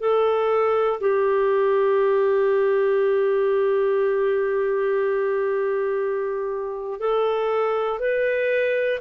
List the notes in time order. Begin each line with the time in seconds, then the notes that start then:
0.00 A4
1.00 G4
7.00 A4
8.00 B4